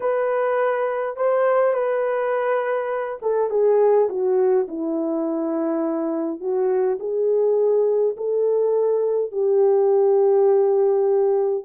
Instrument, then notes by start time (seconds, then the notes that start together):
horn
0.00 B4
1.16 C5
1.73 B4
3.22 A4
3.50 G#4
4.09 F#4
4.68 E4
6.40 F#4
6.99 G#4
8.16 A4
9.31 G4